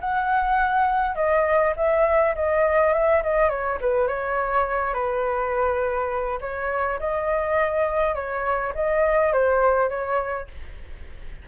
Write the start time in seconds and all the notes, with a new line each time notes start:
0.00 F#5
1.15 D#5
1.76 E5
2.35 D#5
2.93 E5
3.23 D#5
3.49 C#5
3.80 B4
4.08 C#5
4.94 B4
6.41 C#5
7.00 D#5
8.15 C#5
8.75 D#5
9.33 C5
9.89 C#5